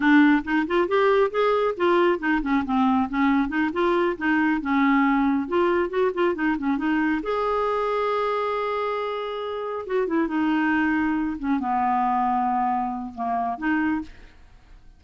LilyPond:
\new Staff \with { instrumentName = "clarinet" } { \time 4/4 \tempo 4 = 137 d'4 dis'8 f'8 g'4 gis'4 | f'4 dis'8 cis'8 c'4 cis'4 | dis'8 f'4 dis'4 cis'4.~ | cis'8 f'4 fis'8 f'8 dis'8 cis'8 dis'8~ |
dis'8 gis'2.~ gis'8~ | gis'2~ gis'8 fis'8 e'8 dis'8~ | dis'2 cis'8 b4.~ | b2 ais4 dis'4 | }